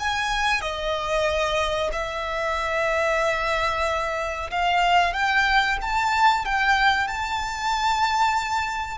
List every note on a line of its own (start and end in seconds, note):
0.00 0.61 G#5
0.61 1.90 D#5
1.92 4.50 E5
4.51 5.13 F5
5.13 5.78 G5
5.82 6.45 A5
6.45 7.08 G5
7.08 8.98 A5